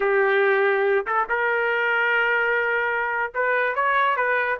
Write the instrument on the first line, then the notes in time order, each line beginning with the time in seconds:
trumpet
0.00 G4
1.06 A4
1.29 A#4
3.34 B4
3.75 C#5
4.16 B4